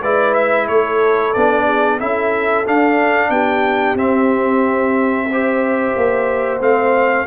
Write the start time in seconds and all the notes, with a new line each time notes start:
0.00 G#3 E4 B4 D5
0.33 E5
0.67 A3 A4 C#5
1.33 B3 D4 D5
1.65 G#4
1.98 C#4 E4 A4 E5
2.66 D4 F5
3.29 B3 G4 G5
3.95 C4 E5
5.28 G4 C5
5.96 A#3
6.59 A3 C4 F5